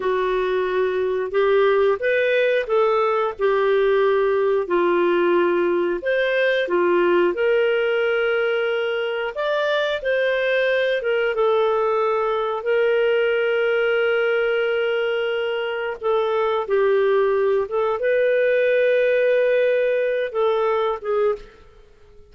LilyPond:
\new Staff \with { instrumentName = "clarinet" } { \time 4/4 \tempo 4 = 90 fis'2 g'4 b'4 | a'4 g'2 f'4~ | f'4 c''4 f'4 ais'4~ | ais'2 d''4 c''4~ |
c''8 ais'8 a'2 ais'4~ | ais'1 | a'4 g'4. a'8 b'4~ | b'2~ b'8 a'4 gis'8 | }